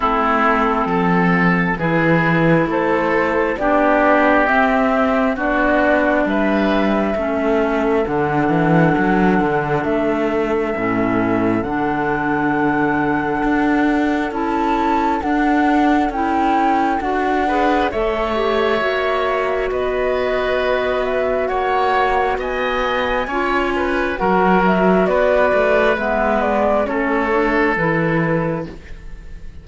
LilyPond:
<<
  \new Staff \with { instrumentName = "flute" } { \time 4/4 \tempo 4 = 67 a'2 b'4 c''4 | d''4 e''4 d''4 e''4~ | e''4 fis''2 e''4~ | e''4 fis''2. |
a''4 fis''4 g''4 fis''4 | e''2 dis''4. e''8 | fis''4 gis''2 fis''8 e''8 | d''4 e''8 d''8 cis''4 b'4 | }
  \new Staff \with { instrumentName = "oboe" } { \time 4/4 e'4 a'4 gis'4 a'4 | g'2 fis'4 b'4 | a'1~ | a'1~ |
a'2.~ a'8 b'8 | cis''2 b'2 | cis''4 dis''4 cis''8 b'8 ais'4 | b'2 a'2 | }
  \new Staff \with { instrumentName = "clarinet" } { \time 4/4 c'2 e'2 | d'4 c'4 d'2 | cis'4 d'2. | cis'4 d'2. |
e'4 d'4 e'4 fis'8 gis'8 | a'8 g'8 fis'2.~ | fis'2 f'4 fis'4~ | fis'4 b4 cis'8 d'8 e'4 | }
  \new Staff \with { instrumentName = "cello" } { \time 4/4 a4 f4 e4 a4 | b4 c'4 b4 g4 | a4 d8 e8 fis8 d8 a4 | a,4 d2 d'4 |
cis'4 d'4 cis'4 d'4 | a4 ais4 b2 | ais4 b4 cis'4 fis4 | b8 a8 gis4 a4 e4 | }
>>